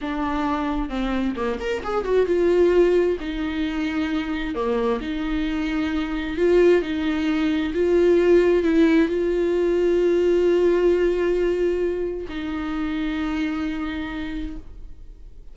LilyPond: \new Staff \with { instrumentName = "viola" } { \time 4/4 \tempo 4 = 132 d'2 c'4 ais8 ais'8 | gis'8 fis'8 f'2 dis'4~ | dis'2 ais4 dis'4~ | dis'2 f'4 dis'4~ |
dis'4 f'2 e'4 | f'1~ | f'2. dis'4~ | dis'1 | }